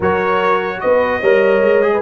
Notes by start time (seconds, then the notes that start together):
0.00 F#3 F#4 A#4 C#5
0.80 B3 B4 D#5
1.19 G3 A#4 C#5
1.61 G#3
1.82 G#4
1.93 B4